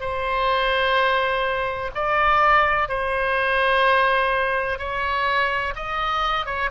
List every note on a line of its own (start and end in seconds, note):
0.00 1.90 C5
1.94 2.88 D5
2.88 4.78 C5
4.78 5.74 C#5
5.75 6.45 D#5
6.45 6.69 C#5